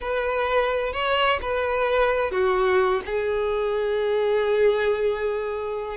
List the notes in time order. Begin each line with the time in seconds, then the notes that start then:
0.00 B4
0.92 C#5
1.41 B4
2.31 F#4
3.05 G#4